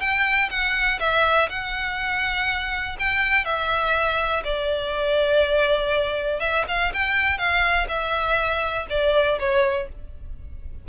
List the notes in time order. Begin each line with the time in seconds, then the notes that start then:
0.00 G5
0.50 F#5
0.99 E5
1.49 F#5
2.99 G5
3.45 E5
4.44 D5
6.40 E5
6.68 F5
6.93 G5
7.37 F5
7.88 E5
8.89 D5
9.39 C#5